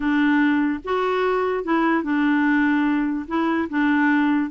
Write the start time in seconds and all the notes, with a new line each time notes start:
0.00 D4
0.84 F#4
1.63 E4
2.03 D4
3.27 E4
3.69 D4